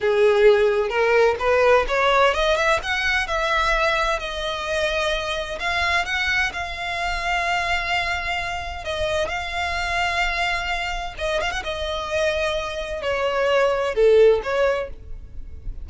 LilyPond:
\new Staff \with { instrumentName = "violin" } { \time 4/4 \tempo 4 = 129 gis'2 ais'4 b'4 | cis''4 dis''8 e''8 fis''4 e''4~ | e''4 dis''2. | f''4 fis''4 f''2~ |
f''2. dis''4 | f''1 | dis''8 f''16 fis''16 dis''2. | cis''2 a'4 cis''4 | }